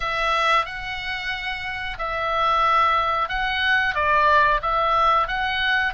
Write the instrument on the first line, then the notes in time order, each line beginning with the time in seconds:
oboe
0.00 E5
0.65 F#5
1.98 E5
3.28 F#5
3.94 D5
4.62 E5
5.27 F#5